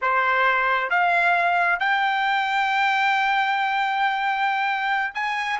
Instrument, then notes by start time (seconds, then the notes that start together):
trumpet
0.01 C5
0.90 F5
1.79 G5
5.14 G#5